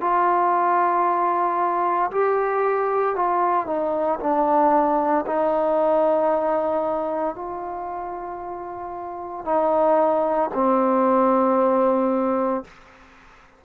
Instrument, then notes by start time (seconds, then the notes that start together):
trombone
0.00 F4
2.11 G4
3.15 F4
3.67 D#4
4.20 D4
5.26 D#4
7.35 F4
9.44 D#4
10.54 C4